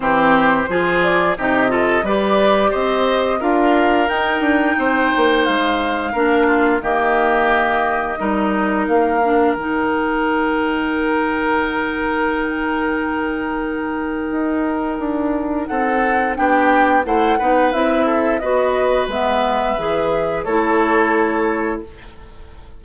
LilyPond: <<
  \new Staff \with { instrumentName = "flute" } { \time 4/4 \tempo 4 = 88 c''4. d''8 dis''4 d''4 | dis''4 f''4 g''2 | f''2 dis''2~ | dis''4 f''4 g''2~ |
g''1~ | g''2. fis''4 | g''4 fis''4 e''4 dis''4 | e''2 cis''2 | }
  \new Staff \with { instrumentName = "oboe" } { \time 4/4 g'4 gis'4 g'8 a'8 b'4 | c''4 ais'2 c''4~ | c''4 ais'8 f'8 g'2 | ais'1~ |
ais'1~ | ais'2. a'4 | g'4 c''8 b'4 a'8 b'4~ | b'2 a'2 | }
  \new Staff \with { instrumentName = "clarinet" } { \time 4/4 c'4 f'4 dis'8 f'8 g'4~ | g'4 f'4 dis'2~ | dis'4 d'4 ais2 | dis'4. d'8 dis'2~ |
dis'1~ | dis'1 | d'4 e'8 dis'8 e'4 fis'4 | b4 gis'4 e'2 | }
  \new Staff \with { instrumentName = "bassoon" } { \time 4/4 e4 f4 c4 g4 | c'4 d'4 dis'8 d'8 c'8 ais8 | gis4 ais4 dis2 | g4 ais4 dis2~ |
dis1~ | dis4 dis'4 d'4 c'4 | b4 a8 b8 c'4 b4 | gis4 e4 a2 | }
>>